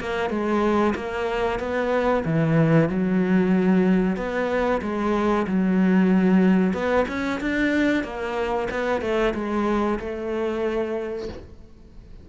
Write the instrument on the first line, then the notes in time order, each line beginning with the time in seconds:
cello
0.00 A#3
0.29 G#3
0.95 A#3
1.59 B3
2.24 E3
2.89 F#3
4.16 B3
4.82 G#3
5.47 F#3
6.73 B3
7.08 C#4
7.40 D4
8.03 A#3
8.70 B3
9.01 A3
9.34 G#3
9.99 A3